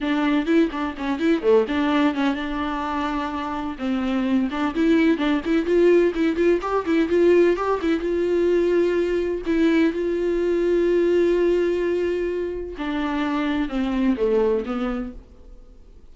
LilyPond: \new Staff \with { instrumentName = "viola" } { \time 4/4 \tempo 4 = 127 d'4 e'8 d'8 cis'8 e'8 a8 d'8~ | d'8 cis'8 d'2. | c'4. d'8 e'4 d'8 e'8 | f'4 e'8 f'8 g'8 e'8 f'4 |
g'8 e'8 f'2. | e'4 f'2.~ | f'2. d'4~ | d'4 c'4 a4 b4 | }